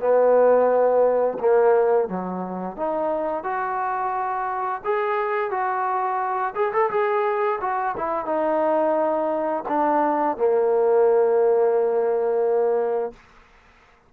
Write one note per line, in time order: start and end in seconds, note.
0.00 1.38 B3
1.39 2.08 A#3
2.08 2.76 F#3
2.76 3.44 D#4
3.44 4.82 F#4
4.84 5.51 G#4
5.51 6.54 F#4
6.55 6.72 G#4
6.73 6.90 A4
6.90 7.59 G#4
7.61 7.95 F#4
7.97 8.25 E4
8.25 9.63 D#4
9.68 10.37 D4
10.37 13.13 A#3